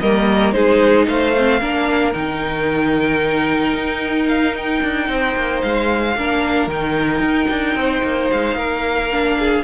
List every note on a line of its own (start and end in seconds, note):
0.00 0.53 G3
0.00 0.54 A#3
0.00 0.55 A#4
0.00 0.52 D#5
0.52 1.07 G#3
0.52 1.34 D#4
0.52 1.08 G#4
0.52 1.05 C5
1.07 1.61 A3
1.07 1.60 C5
1.07 2.13 F5
1.37 1.61 C4
1.60 2.15 A#3
1.60 2.13 D4
1.60 5.08 A#4
2.13 3.73 D#3
2.13 6.15 D#4
2.13 4.27 G5
3.73 4.80 D#4
4.28 4.55 F5
4.57 5.61 G5
4.82 5.08 D4
5.08 5.35 C4
5.08 6.17 C5
5.36 5.63 A#3
5.61 6.16 G#3
5.61 6.69 F5
6.16 6.67 A#3
6.16 6.70 D4
6.16 7.79 A#4
6.67 7.20 D#3
6.67 9.11 D#4
6.67 8.31 G5
7.20 7.47 D#4
7.50 7.75 D4
7.75 8.02 C4
7.75 8.57 C5
8.03 8.29 A#3
8.31 8.55 G#3
8.31 9.64 F5
8.55 9.62 A#3
8.55 9.37 A#4
9.11 9.64 D4
9.39 9.64 G#4